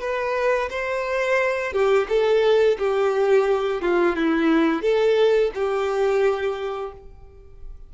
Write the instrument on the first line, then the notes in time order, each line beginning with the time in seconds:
violin
0.00 B4
0.70 C5
1.73 G4
2.08 A4
2.78 G4
3.82 F4
4.16 E4
4.82 A4
5.55 G4